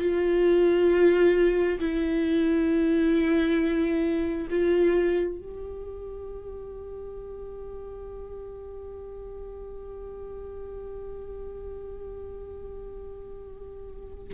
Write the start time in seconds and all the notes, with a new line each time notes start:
0.00 F4
1.80 E4
4.50 F4
5.39 G4